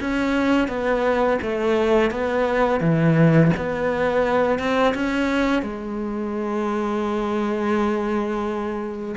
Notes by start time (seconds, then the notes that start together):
0.00 C#4
0.68 B3
1.42 A3
2.10 B3
2.80 E3
3.56 B3
4.58 C4
4.94 C#4
5.62 G#3